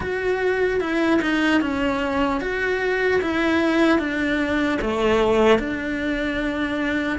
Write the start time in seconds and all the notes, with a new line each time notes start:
0.00 F#4
0.80 E4
1.21 D#4
1.61 C#4
2.40 F#4
3.21 E4
3.98 D4
4.81 A3
5.58 D4